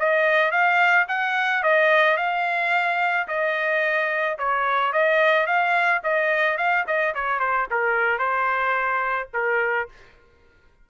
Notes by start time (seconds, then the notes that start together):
0.00 D#5
0.52 F5
1.09 F#5
1.64 D#5
2.18 F5
3.28 D#5
4.39 C#5
4.93 D#5
5.47 F5
6.04 D#5
6.58 F5
6.87 D#5
7.15 C#5
7.40 C5
7.71 A#4
8.19 C5
9.34 A#4